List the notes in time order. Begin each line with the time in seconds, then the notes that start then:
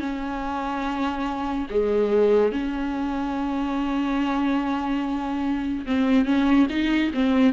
0.00 C#4
1.70 G#3
2.52 C#4
5.86 C4
6.25 C#4
6.70 D#4
7.14 C4